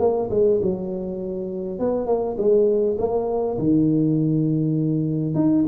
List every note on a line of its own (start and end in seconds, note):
0.00 0.30 A#3
0.31 0.60 G#3
0.62 1.80 F#3
1.80 2.07 B3
2.07 2.36 A#3
2.38 2.97 G#3
2.98 3.58 A#3
3.59 5.35 D#3
5.35 5.65 D#4